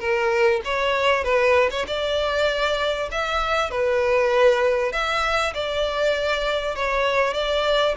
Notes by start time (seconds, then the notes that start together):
0.00 A#4
0.65 C#5
1.24 B4
1.71 C#5
1.87 D5
3.12 E5
3.71 B4
4.93 E5
5.55 D5
6.76 C#5
7.34 D5